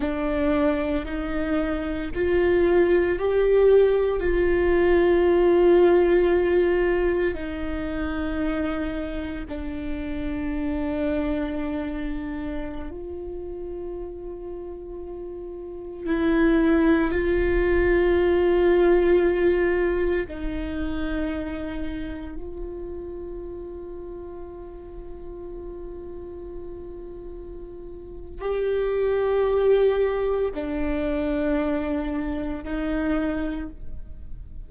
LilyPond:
\new Staff \with { instrumentName = "viola" } { \time 4/4 \tempo 4 = 57 d'4 dis'4 f'4 g'4 | f'2. dis'4~ | dis'4 d'2.~ | d'16 f'2. e'8.~ |
e'16 f'2. dis'8.~ | dis'4~ dis'16 f'2~ f'8.~ | f'2. g'4~ | g'4 d'2 dis'4 | }